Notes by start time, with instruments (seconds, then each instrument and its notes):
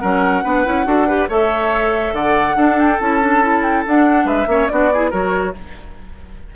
0.00 bassoon F#3, clarinet C#4, oboe A#4, flute F#5
0.43 bassoon B3, clarinet D4, oboe B4
0.65 bassoon C#4, clarinet E4
0.86 bassoon D4, clarinet F#4, oboe A4
1.08 clarinet G4, oboe B4
1.29 bassoon A3, clarinet A4, oboe C#5, flute E5
2.13 bassoon D3, oboe D5, flute F#5
2.56 bassoon D4, clarinet D4, oboe A4
2.79 flute G5
3.00 bassoon C#4, clarinet E4, flute A5
3.21 clarinet D4
3.42 clarinet E4
3.62 flute G5
3.87 clarinet D4, bassoon D4, flute F#5
4.25 bassoon G#3, oboe B4, flute E5
4.47 bassoon A#3, clarinet C#4, oboe C#5
4.68 bassoon B3, clarinet D4, oboe F#4, flute D5
4.93 clarinet E4, oboe G#4
5.10 bassoon F#3, clarinet F#4, oboe A#4, flute C#5